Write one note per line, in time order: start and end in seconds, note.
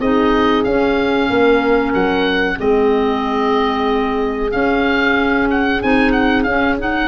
0.00 0.65 C4
0.00 0.66 D#4
0.00 1.29 G#4
0.00 0.64 D#5
0.64 1.29 C#4
0.64 2.57 C#4
0.64 1.93 F5
1.30 1.94 A#3
1.30 2.57 A#4
1.94 2.58 F#3
1.94 2.58 F#5
2.57 4.54 G#3
2.57 4.51 C4
2.57 7.08 G#4
2.57 4.52 D#5
4.51 5.80 C#4
4.51 5.83 C#4
4.51 5.48 F5
5.50 5.82 F#5
5.82 6.45 C4
5.82 6.47 D#4
5.82 6.12 G#5
6.12 6.43 F#5
6.43 7.08 C#4
6.43 6.79 C#4
6.43 6.75 F5
6.79 7.08 D#4
6.79 7.08 F#5